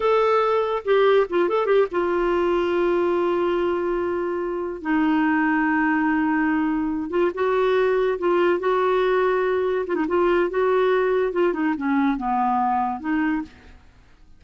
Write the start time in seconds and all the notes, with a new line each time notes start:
0.00 A4
0.84 G4
1.29 F4
1.49 A4
1.66 G4
1.91 F4
4.81 D#4
7.10 F4
7.34 F#4
8.18 F4
8.59 F#4
9.87 F4
9.95 D#4
10.08 F4
10.50 F#4
11.32 F4
11.53 D#4
11.77 C#4
12.17 B3
13.00 D#4